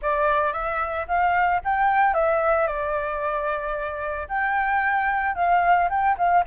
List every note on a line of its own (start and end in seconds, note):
0.01 0.53 D5
0.53 1.06 E5
1.07 1.61 F5
1.64 2.14 G5
2.14 2.67 E5
2.67 4.27 D5
4.28 5.35 G5
5.35 5.88 F5
5.89 6.16 G5
6.18 6.44 F5